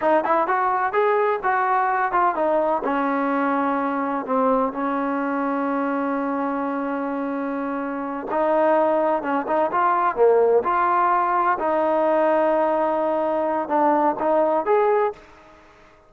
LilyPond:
\new Staff \with { instrumentName = "trombone" } { \time 4/4 \tempo 4 = 127 dis'8 e'8 fis'4 gis'4 fis'4~ | fis'8 f'8 dis'4 cis'2~ | cis'4 c'4 cis'2~ | cis'1~ |
cis'4. dis'2 cis'8 | dis'8 f'4 ais4 f'4.~ | f'8 dis'2.~ dis'8~ | dis'4 d'4 dis'4 gis'4 | }